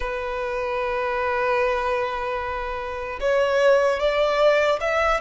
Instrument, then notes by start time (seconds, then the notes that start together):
violin
0.00 B4
3.20 C#5
3.99 D5
4.80 E5